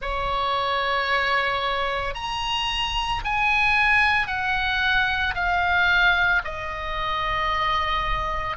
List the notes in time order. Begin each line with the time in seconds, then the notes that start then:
0.01 C#5
2.14 A#5
3.24 G#5
4.27 F#5
5.34 F5
6.44 D#5